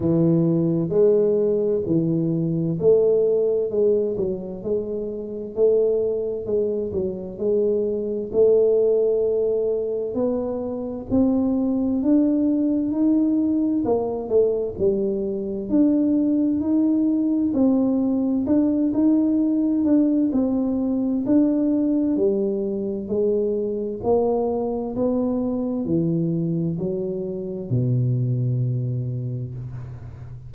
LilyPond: \new Staff \with { instrumentName = "tuba" } { \time 4/4 \tempo 4 = 65 e4 gis4 e4 a4 | gis8 fis8 gis4 a4 gis8 fis8 | gis4 a2 b4 | c'4 d'4 dis'4 ais8 a8 |
g4 d'4 dis'4 c'4 | d'8 dis'4 d'8 c'4 d'4 | g4 gis4 ais4 b4 | e4 fis4 b,2 | }